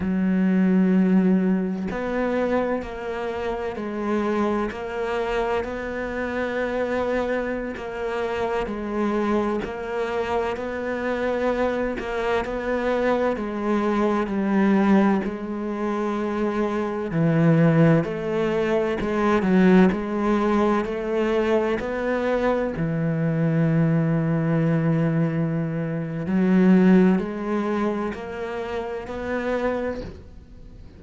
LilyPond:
\new Staff \with { instrumentName = "cello" } { \time 4/4 \tempo 4 = 64 fis2 b4 ais4 | gis4 ais4 b2~ | b16 ais4 gis4 ais4 b8.~ | b8. ais8 b4 gis4 g8.~ |
g16 gis2 e4 a8.~ | a16 gis8 fis8 gis4 a4 b8.~ | b16 e2.~ e8. | fis4 gis4 ais4 b4 | }